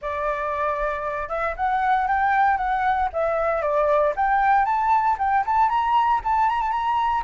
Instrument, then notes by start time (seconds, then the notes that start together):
flute
0.01 D5
1.29 E5
1.56 F#5
2.07 G5
2.57 F#5
3.12 E5
3.61 D5
4.15 G5
4.65 A5
5.18 G5
5.46 A5
5.69 A#5
6.24 A5
6.49 A#5
6.61 A5
6.71 A#5